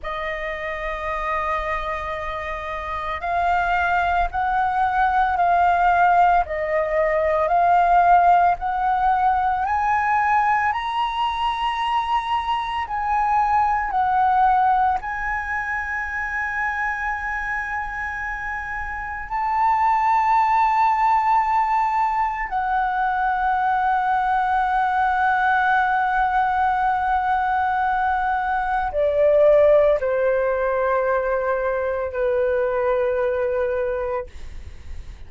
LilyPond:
\new Staff \with { instrumentName = "flute" } { \time 4/4 \tempo 4 = 56 dis''2. f''4 | fis''4 f''4 dis''4 f''4 | fis''4 gis''4 ais''2 | gis''4 fis''4 gis''2~ |
gis''2 a''2~ | a''4 fis''2.~ | fis''2. d''4 | c''2 b'2 | }